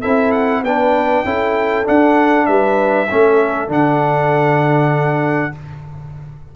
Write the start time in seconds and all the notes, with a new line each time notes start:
0.00 C4 E4 A4 E5
0.31 F#5
0.63 B3 D4 B4 G5
1.24 C#4 E4 A4
1.84 D4 F#5
2.46 G3 B4 E5
3.09 A3 C#4 A4
3.68 D3 D4 F#5